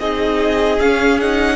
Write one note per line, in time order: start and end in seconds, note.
0.00 0.80 C4
0.00 0.80 D#4
0.00 1.56 G#4
0.00 0.80 D#5
0.80 1.56 C#4
0.80 1.21 C#4
0.80 1.20 F5
1.21 1.56 D#4
1.21 1.56 F#5